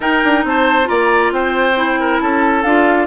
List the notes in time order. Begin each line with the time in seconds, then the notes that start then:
0.00 D#4 A#4 G5
0.23 D4
0.44 C4 C5 A5
0.84 A#3 F4 D5 A#5
1.31 C4 C5 G5
1.75 E4
2.00 A#4
2.20 C#4 A4 A5
2.62 D4 F4 F5